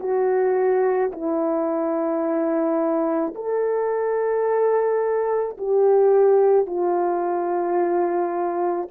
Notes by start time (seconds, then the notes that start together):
0.00 F#4
1.12 E4
3.35 A4
5.58 G4
6.67 F4